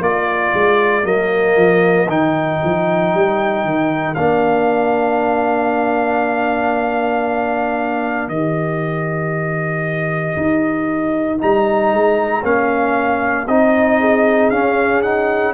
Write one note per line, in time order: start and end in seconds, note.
0.00 0.52 A#3
0.00 1.03 F4
0.00 13.98 A#4
0.00 1.05 D5
0.54 1.04 G#3
1.03 1.56 F#3
1.03 2.06 A#3
1.03 2.09 D#5
1.56 2.07 F3
2.07 2.59 D#3
2.07 4.15 D#4
2.07 4.14 G5
2.64 3.14 F3
3.14 3.64 G3
3.64 4.16 D#3
4.14 8.28 A#3
4.14 8.30 D4
4.14 8.28 F5
8.28 10.35 D#3
8.28 11.38 G4
8.28 11.39 D#5
10.36 11.40 D#4
11.38 11.93 G3
11.38 12.41 D#4
11.38 12.44 A#5
11.93 12.43 G#3
12.43 13.46 A#3
12.43 13.47 C#4
12.43 13.47 F5
13.47 14.50 C4
13.47 14.52 D#4
13.47 14.50 D#5
13.99 15.54 G#4
14.50 15.54 C#4
14.50 15.03 C#4
14.50 15.02 F5
15.02 15.54 D#4
15.02 15.54 F#5